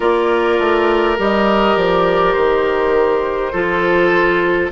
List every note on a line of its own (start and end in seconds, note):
0.00 0.59 A#3
0.00 1.17 F4
0.00 3.52 A#4
0.00 1.18 D5
0.59 1.17 A3
1.17 1.76 G3
1.17 3.52 G4
1.17 1.76 D#5
1.76 2.35 F3
1.76 2.33 D5
2.33 3.53 D#3
2.33 4.68 C5
3.52 4.71 F3
3.52 4.71 F4
3.52 4.70 A4